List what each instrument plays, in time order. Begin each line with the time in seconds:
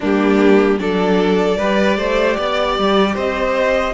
0.00 cello G3, viola A#3, violin D4 G4
0.78 cello F#3, viola D4, violin A4 D5
1.57 cello G3, viola G4, violin B4
1.97 cello A3, violin C5
2.36 cello B3, violin D5
2.77 cello G3
3.14 cello C4, violin C5 D#5